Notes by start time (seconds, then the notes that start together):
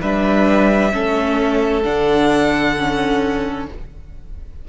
0.00 G3 D4 B4 E5
0.92 A3 C#4 A4
1.83 D3 D4 F#5
2.78 C#4